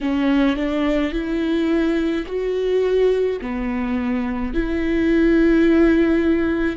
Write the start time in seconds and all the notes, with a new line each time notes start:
0.00 C#4
0.56 D4
1.12 E4
2.26 F#4
3.41 B3
4.53 E4